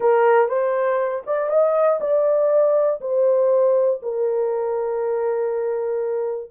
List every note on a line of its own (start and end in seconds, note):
0.00 0.48 A#4
0.48 1.23 C5
1.26 1.49 D5
1.49 1.99 D#5
2.00 3.00 D5
3.00 4.00 C5
4.02 6.50 A#4